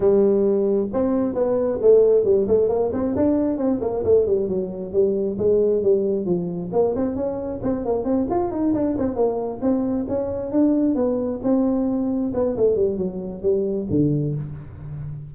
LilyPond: \new Staff \with { instrumentName = "tuba" } { \time 4/4 \tempo 4 = 134 g2 c'4 b4 | a4 g8 a8 ais8 c'8 d'4 | c'8 ais8 a8 g8 fis4 g4 | gis4 g4 f4 ais8 c'8 |
cis'4 c'8 ais8 c'8 f'8 dis'8 d'8 | c'8 ais4 c'4 cis'4 d'8~ | d'8 b4 c'2 b8 | a8 g8 fis4 g4 d4 | }